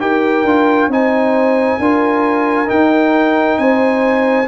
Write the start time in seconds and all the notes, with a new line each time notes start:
0.00 D#4 G4 A#4 G5
0.43 D4 F4
0.88 C4 D#4 C5 G#5
1.79 D4 F4 A#4
2.67 D#4 G5
3.58 C4 C5 G#5